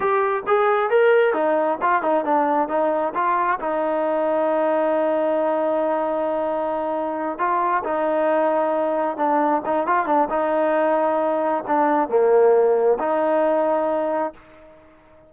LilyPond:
\new Staff \with { instrumentName = "trombone" } { \time 4/4 \tempo 4 = 134 g'4 gis'4 ais'4 dis'4 | f'8 dis'8 d'4 dis'4 f'4 | dis'1~ | dis'1~ |
dis'8 f'4 dis'2~ dis'8~ | dis'8 d'4 dis'8 f'8 d'8 dis'4~ | dis'2 d'4 ais4~ | ais4 dis'2. | }